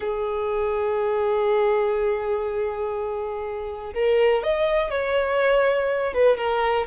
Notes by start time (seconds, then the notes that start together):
0.00 G#4
3.94 A#4
4.43 D#5
4.90 C#5
6.13 B4
6.37 A#4